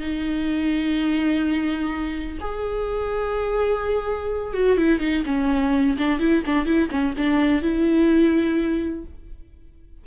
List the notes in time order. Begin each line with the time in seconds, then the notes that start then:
0.00 D#4
2.40 G#4
4.53 F#4
4.77 E4
4.99 D#4
5.25 C#4
5.98 D4
6.19 E4
6.46 D4
6.65 E4
6.90 C#4
7.17 D4
7.62 E4